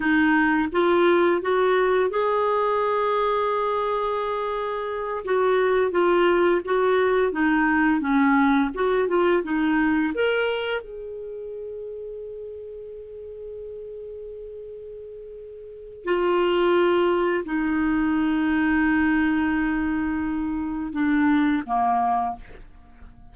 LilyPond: \new Staff \with { instrumentName = "clarinet" } { \time 4/4 \tempo 4 = 86 dis'4 f'4 fis'4 gis'4~ | gis'2.~ gis'8 fis'8~ | fis'8 f'4 fis'4 dis'4 cis'8~ | cis'8 fis'8 f'8 dis'4 ais'4 gis'8~ |
gis'1~ | gis'2. f'4~ | f'4 dis'2.~ | dis'2 d'4 ais4 | }